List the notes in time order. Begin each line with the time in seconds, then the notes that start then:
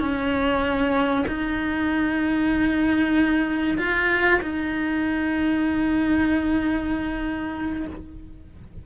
0.00 C#4
1.28 D#4
3.78 F4
4.43 D#4